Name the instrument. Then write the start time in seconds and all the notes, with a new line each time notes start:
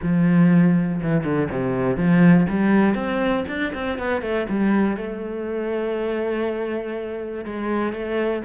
cello
0.02 F3
1.03 E3
1.24 D3
1.50 C3
1.96 F3
2.49 G3
2.95 C4
3.48 D4
3.74 C4
3.98 B3
4.21 A3
4.49 G3
4.96 A3
7.44 G#3
7.92 A3